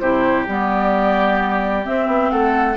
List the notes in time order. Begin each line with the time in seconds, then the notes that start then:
0.00 C3 E4 G4 C5
0.48 G3 B3 D5
1.84 C4 E5
2.08 B3
2.31 A3 A4 F#5